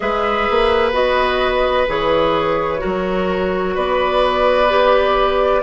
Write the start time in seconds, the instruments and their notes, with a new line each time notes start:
0.00 bassoon G#3, clarinet G#4, oboe B4, flute E5
0.50 bassoon A#3
0.92 bassoon B3, clarinet F#4, flute D#5
1.88 bassoon E3, clarinet G#4, flute C#5
2.78 clarinet F#4, oboe A#4
2.84 bassoon F#3
3.74 bassoon B3, oboe B4, flute D5
4.69 clarinet G4